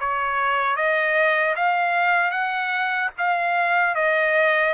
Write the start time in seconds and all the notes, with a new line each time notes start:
0.00 C#5
0.76 D#5
1.56 F5
2.31 F#5
3.18 F5
3.95 D#5